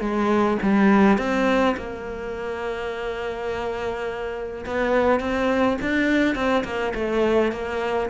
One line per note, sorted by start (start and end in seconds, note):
0.00 0.58 G#3
0.62 1.18 G3
1.18 1.75 C4
1.77 4.65 A#3
4.66 5.20 B3
5.20 5.78 C4
5.81 6.35 D4
6.35 6.64 C4
6.65 6.93 A#3
6.94 7.52 A3
7.52 8.10 A#3